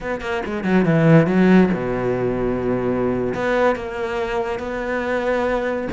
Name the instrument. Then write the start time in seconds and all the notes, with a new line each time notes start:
cello
0.01 B3
0.20 A#3
0.45 G#3
0.64 F#3
0.85 E3
1.26 F#3
1.73 B2
3.34 B3
3.75 A#3
4.59 B3